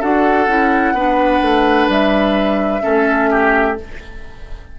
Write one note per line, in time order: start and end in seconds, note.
0.00 0.48 D4
0.00 0.48 F#4
0.00 0.94 A4
0.00 1.90 F#5
0.48 0.93 C#4
0.48 0.95 E4
0.93 1.40 B3
0.93 2.82 D4
0.93 2.83 B4
1.42 1.88 A3
1.88 2.82 G3
1.88 3.78 E5
2.82 3.80 A3
2.82 3.76 C#4
2.82 3.30 A4
3.31 3.78 G4